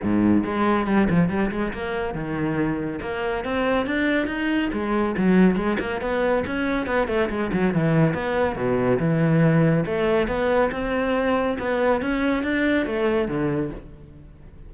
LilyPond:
\new Staff \with { instrumentName = "cello" } { \time 4/4 \tempo 4 = 140 gis,4 gis4 g8 f8 g8 gis8 | ais4 dis2 ais4 | c'4 d'4 dis'4 gis4 | fis4 gis8 ais8 b4 cis'4 |
b8 a8 gis8 fis8 e4 b4 | b,4 e2 a4 | b4 c'2 b4 | cis'4 d'4 a4 d4 | }